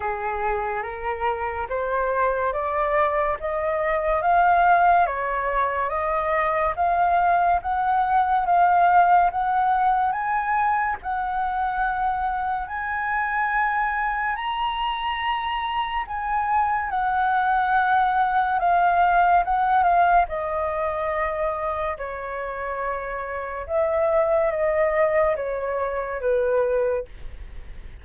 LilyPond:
\new Staff \with { instrumentName = "flute" } { \time 4/4 \tempo 4 = 71 gis'4 ais'4 c''4 d''4 | dis''4 f''4 cis''4 dis''4 | f''4 fis''4 f''4 fis''4 | gis''4 fis''2 gis''4~ |
gis''4 ais''2 gis''4 | fis''2 f''4 fis''8 f''8 | dis''2 cis''2 | e''4 dis''4 cis''4 b'4 | }